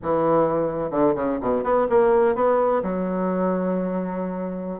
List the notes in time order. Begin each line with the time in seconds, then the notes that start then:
0.02 E3
0.90 D3
1.15 C#3
1.41 B2
1.63 B3
1.89 A#3
2.35 B3
2.83 F#3